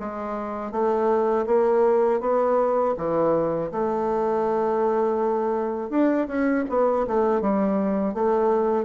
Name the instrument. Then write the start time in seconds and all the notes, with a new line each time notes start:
bassoon
0.00 G#3
0.72 A3
1.47 A#3
2.21 B3
2.98 E3
3.72 A3
5.91 D4
6.28 C#4
6.70 B3
7.08 A3
7.41 G3
8.14 A3